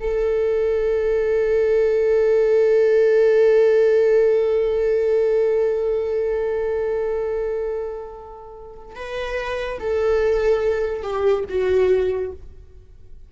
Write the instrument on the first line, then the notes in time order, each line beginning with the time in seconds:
viola
0.00 A4
8.95 B4
9.79 A4
11.03 G4
11.49 F#4